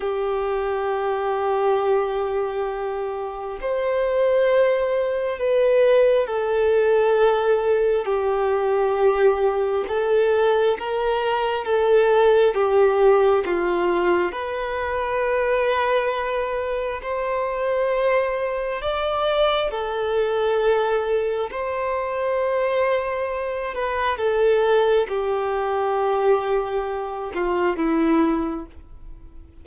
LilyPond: \new Staff \with { instrumentName = "violin" } { \time 4/4 \tempo 4 = 67 g'1 | c''2 b'4 a'4~ | a'4 g'2 a'4 | ais'4 a'4 g'4 f'4 |
b'2. c''4~ | c''4 d''4 a'2 | c''2~ c''8 b'8 a'4 | g'2~ g'8 f'8 e'4 | }